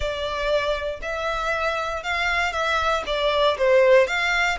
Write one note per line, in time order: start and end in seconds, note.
0.00 0.99 D5
1.02 2.03 E5
2.03 2.52 F5
2.52 3.03 E5
3.06 3.57 D5
3.57 4.07 C5
4.07 4.58 F5